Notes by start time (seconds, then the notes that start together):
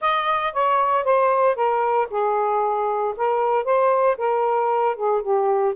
0.01 D#5
0.53 C#5
1.04 C5
1.55 A#4
2.10 G#4
3.16 A#4
3.64 C5
4.17 A#4
4.96 G#4
5.22 G4